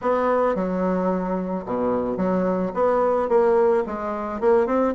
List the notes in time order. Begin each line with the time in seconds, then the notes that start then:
0.01 B3
0.55 F#3
1.65 B2
2.17 F#3
2.74 B3
3.28 A#3
3.86 G#3
4.40 A#3
4.66 C4